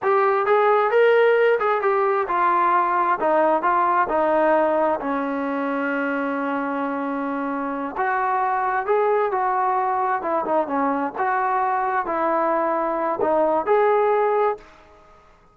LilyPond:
\new Staff \with { instrumentName = "trombone" } { \time 4/4 \tempo 4 = 132 g'4 gis'4 ais'4. gis'8 | g'4 f'2 dis'4 | f'4 dis'2 cis'4~ | cis'1~ |
cis'4. fis'2 gis'8~ | gis'8 fis'2 e'8 dis'8 cis'8~ | cis'8 fis'2 e'4.~ | e'4 dis'4 gis'2 | }